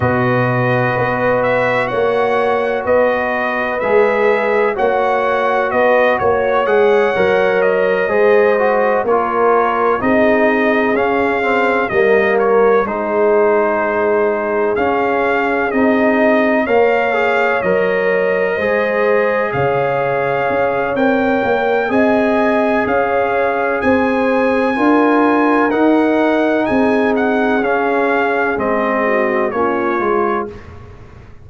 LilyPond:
<<
  \new Staff \with { instrumentName = "trumpet" } { \time 4/4 \tempo 4 = 63 dis''4. e''8 fis''4 dis''4 | e''4 fis''4 dis''8 cis''8 fis''4 | dis''4. cis''4 dis''4 f''8~ | f''8 dis''8 cis''8 c''2 f''8~ |
f''8 dis''4 f''4 dis''4.~ | dis''8 f''4. g''4 gis''4 | f''4 gis''2 fis''4 | gis''8 fis''8 f''4 dis''4 cis''4 | }
  \new Staff \with { instrumentName = "horn" } { \time 4/4 b'2 cis''4 b'4~ | b'4 cis''4 b'8 cis''4.~ | cis''8 c''4 ais'4 gis'4.~ | gis'8 ais'4 gis'2~ gis'8~ |
gis'4. cis''2 c''8~ | c''8 cis''2~ cis''8 dis''4 | cis''4 c''4 ais'2 | gis'2~ gis'8 fis'8 f'4 | }
  \new Staff \with { instrumentName = "trombone" } { \time 4/4 fis'1 | gis'4 fis'2 gis'8 ais'8~ | ais'8 gis'8 fis'8 f'4 dis'4 cis'8 | c'8 ais4 dis'2 cis'8~ |
cis'8 dis'4 ais'8 gis'8 ais'4 gis'8~ | gis'2 ais'4 gis'4~ | gis'2 f'4 dis'4~ | dis'4 cis'4 c'4 cis'8 f'8 | }
  \new Staff \with { instrumentName = "tuba" } { \time 4/4 b,4 b4 ais4 b4 | gis4 ais4 b8 ais8 gis8 fis8~ | fis8 gis4 ais4 c'4 cis'8~ | cis'8 g4 gis2 cis'8~ |
cis'8 c'4 ais4 fis4 gis8~ | gis8 cis4 cis'8 c'8 ais8 c'4 | cis'4 c'4 d'4 dis'4 | c'4 cis'4 gis4 ais8 gis8 | }
>>